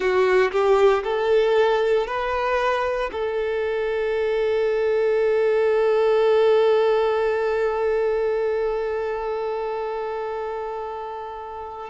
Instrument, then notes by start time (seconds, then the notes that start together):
violin
0.00 F#4
0.51 G4
1.03 A4
2.06 B4
3.12 A4